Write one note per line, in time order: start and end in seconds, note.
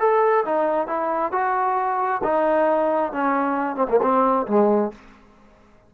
0.00 0.45 A4
0.46 0.88 D#4
0.88 1.32 E4
1.32 2.22 F#4
2.24 3.13 D#4
3.13 3.77 C#4
3.77 3.88 C4
3.90 4.01 A#3
4.03 4.47 C4
4.48 4.92 G#3